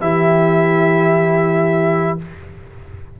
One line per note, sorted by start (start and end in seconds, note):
0.00 2.18 E3
0.00 2.18 E4
0.00 2.20 G4
0.00 2.19 E5